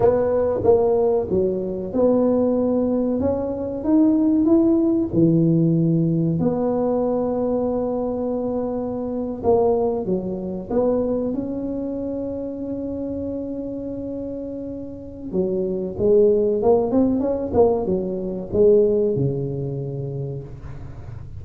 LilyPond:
\new Staff \with { instrumentName = "tuba" } { \time 4/4 \tempo 4 = 94 b4 ais4 fis4 b4~ | b4 cis'4 dis'4 e'4 | e2 b2~ | b2~ b8. ais4 fis16~ |
fis8. b4 cis'2~ cis'16~ | cis'1 | fis4 gis4 ais8 c'8 cis'8 ais8 | fis4 gis4 cis2 | }